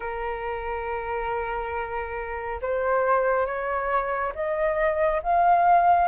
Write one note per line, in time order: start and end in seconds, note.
0.00 2.60 A#4
2.61 3.45 C5
3.45 4.32 C#5
4.34 5.21 D#5
5.23 6.08 F5